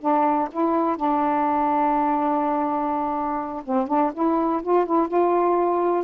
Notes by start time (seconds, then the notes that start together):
0.00 D4
0.52 E4
0.97 D4
3.65 C4
3.88 D4
4.14 E4
4.63 F4
4.86 E4
5.08 F4